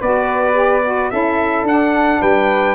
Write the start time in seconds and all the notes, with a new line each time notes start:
0.00 B3 F#4 B4 D5
0.53 G4
0.84 F#4
1.10 C#4 E4 A4 E5
1.62 D4 F#5
1.68 D4
2.20 G3 B4 G5